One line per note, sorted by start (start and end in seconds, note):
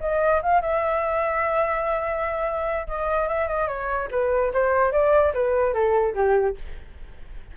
0.00 0.41 D#5
0.42 0.61 F5
0.61 2.87 E5
2.87 3.28 D#5
3.28 3.48 E5
3.48 3.67 D#5
3.67 4.08 C#5
4.11 4.52 B4
4.53 4.92 C5
4.92 5.33 D5
5.34 5.73 B4
5.73 6.14 A4
6.15 6.56 G4